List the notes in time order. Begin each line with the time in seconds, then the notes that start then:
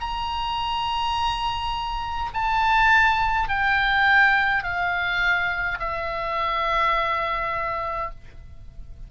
0.00 A#5
2.33 A5
3.48 G5
4.63 F5
5.79 E5